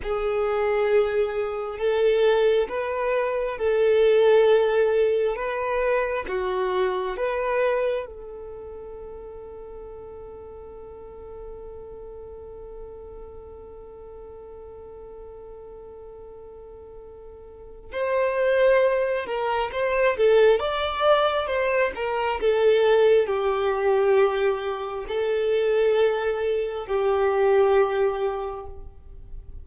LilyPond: \new Staff \with { instrumentName = "violin" } { \time 4/4 \tempo 4 = 67 gis'2 a'4 b'4 | a'2 b'4 fis'4 | b'4 a'2.~ | a'1~ |
a'1 | c''4. ais'8 c''8 a'8 d''4 | c''8 ais'8 a'4 g'2 | a'2 g'2 | }